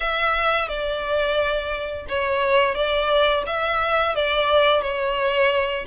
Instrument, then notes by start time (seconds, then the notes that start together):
violin
0.00 E5
0.68 D5
2.08 C#5
2.74 D5
3.46 E5
4.15 D5
4.81 C#5